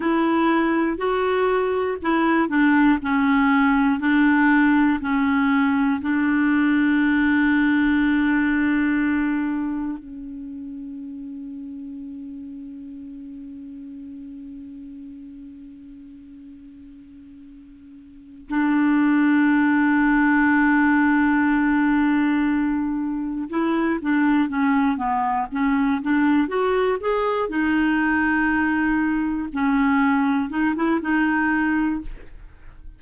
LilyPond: \new Staff \with { instrumentName = "clarinet" } { \time 4/4 \tempo 4 = 60 e'4 fis'4 e'8 d'8 cis'4 | d'4 cis'4 d'2~ | d'2 cis'2~ | cis'1~ |
cis'2~ cis'8 d'4.~ | d'2.~ d'8 e'8 | d'8 cis'8 b8 cis'8 d'8 fis'8 gis'8 dis'8~ | dis'4. cis'4 dis'16 e'16 dis'4 | }